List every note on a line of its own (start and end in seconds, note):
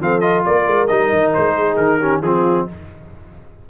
0.00 0.44 F3
0.00 0.21 C4
0.00 0.47 A4
0.00 0.20 F5
0.20 0.88 F4
0.20 0.42 D#5
0.45 0.66 A#3
0.45 1.55 A#4
0.45 0.87 D5
0.66 0.89 G#3
0.87 1.12 G3
0.87 2.01 D#4
0.87 1.31 D#5
1.12 1.35 D#3
1.33 1.77 G#3
1.33 1.76 C5
1.55 1.99 G#4
1.76 2.21 D#3
1.76 2.21 A#4
1.99 2.23 C#4
1.99 2.21 G4
2.21 2.65 F3
2.21 2.69 C4
2.21 2.69 F4
2.21 2.67 G#4